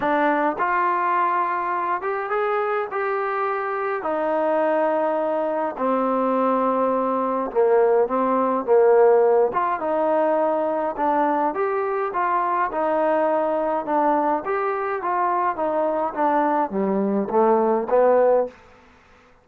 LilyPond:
\new Staff \with { instrumentName = "trombone" } { \time 4/4 \tempo 4 = 104 d'4 f'2~ f'8 g'8 | gis'4 g'2 dis'4~ | dis'2 c'2~ | c'4 ais4 c'4 ais4~ |
ais8 f'8 dis'2 d'4 | g'4 f'4 dis'2 | d'4 g'4 f'4 dis'4 | d'4 g4 a4 b4 | }